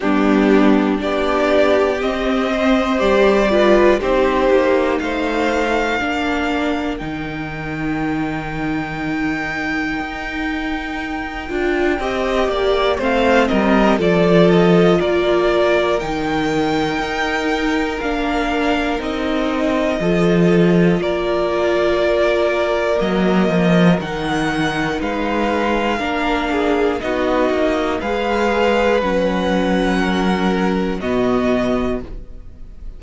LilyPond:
<<
  \new Staff \with { instrumentName = "violin" } { \time 4/4 \tempo 4 = 60 g'4 d''4 dis''4 d''4 | c''4 f''2 g''4~ | g''1~ | g''4 f''8 dis''8 d''8 dis''8 d''4 |
g''2 f''4 dis''4~ | dis''4 d''2 dis''4 | fis''4 f''2 dis''4 | f''4 fis''2 dis''4 | }
  \new Staff \with { instrumentName = "violin" } { \time 4/4 d'4 g'4. c''4 b'8 | g'4 c''4 ais'2~ | ais'1 | dis''8 d''8 c''8 ais'8 a'4 ais'4~ |
ais'1 | a'4 ais'2.~ | ais'4 b'4 ais'8 gis'8 fis'4 | b'2 ais'4 fis'4 | }
  \new Staff \with { instrumentName = "viola" } { \time 4/4 b4 d'4 c'4 g'8 f'8 | dis'2 d'4 dis'4~ | dis'2.~ dis'8 f'8 | g'4 c'4 f'2 |
dis'2 d'4 dis'4 | f'2. ais4 | dis'2 d'4 dis'4 | gis'4 cis'2 b4 | }
  \new Staff \with { instrumentName = "cello" } { \time 4/4 g4 b4 c'4 g4 | c'8 ais8 a4 ais4 dis4~ | dis2 dis'4. d'8 | c'8 ais8 a8 g8 f4 ais4 |
dis4 dis'4 ais4 c'4 | f4 ais2 fis8 f8 | dis4 gis4 ais4 b8 ais8 | gis4 fis2 b,4 | }
>>